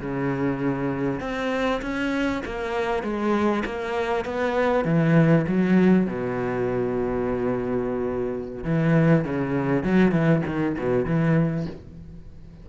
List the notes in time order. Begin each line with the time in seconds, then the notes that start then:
0.00 C#3
1.20 C4
1.81 C#4
2.45 A#3
3.02 G#3
3.65 A#3
4.25 B3
4.84 E3
5.47 F#3
6.06 B2
8.64 E3
9.24 C#3
9.83 F#3
10.11 E3
10.45 D#3
10.78 B2
11.05 E3